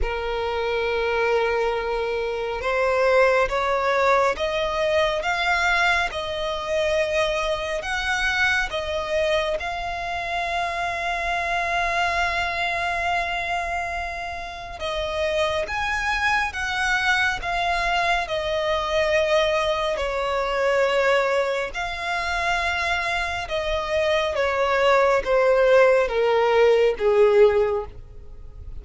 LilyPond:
\new Staff \with { instrumentName = "violin" } { \time 4/4 \tempo 4 = 69 ais'2. c''4 | cis''4 dis''4 f''4 dis''4~ | dis''4 fis''4 dis''4 f''4~ | f''1~ |
f''4 dis''4 gis''4 fis''4 | f''4 dis''2 cis''4~ | cis''4 f''2 dis''4 | cis''4 c''4 ais'4 gis'4 | }